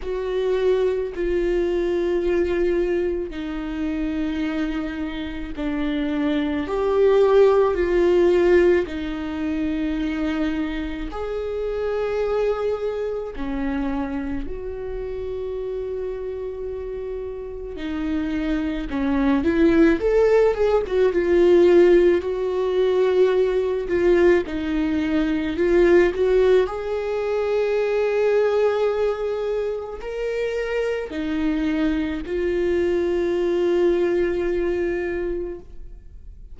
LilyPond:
\new Staff \with { instrumentName = "viola" } { \time 4/4 \tempo 4 = 54 fis'4 f'2 dis'4~ | dis'4 d'4 g'4 f'4 | dis'2 gis'2 | cis'4 fis'2. |
dis'4 cis'8 e'8 a'8 gis'16 fis'16 f'4 | fis'4. f'8 dis'4 f'8 fis'8 | gis'2. ais'4 | dis'4 f'2. | }